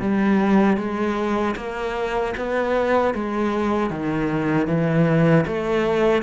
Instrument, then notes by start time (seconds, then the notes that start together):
cello
0.00 G3
0.77 G#3
1.56 A#3
2.37 B3
3.14 G#3
3.90 D#3
4.67 E3
5.46 A3